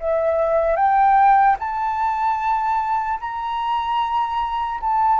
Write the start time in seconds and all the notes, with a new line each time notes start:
0.00 E5
0.76 G5
1.60 A5
3.20 A#5
4.81 A5